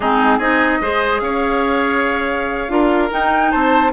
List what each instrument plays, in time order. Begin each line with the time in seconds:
0.00 bassoon G#3, clarinet C4, oboe D#4, flute G#4
0.38 bassoon C4, clarinet D#4, oboe G#4, flute D#5
0.80 bassoon G#3, clarinet G#4, oboe C5
1.19 bassoon C#4, oboe C#5, flute F5
2.68 bassoon D4, clarinet F4, oboe A#4
3.10 clarinet D#4, bassoon D#4, flute G5
3.51 bassoon C4, oboe C5, flute A5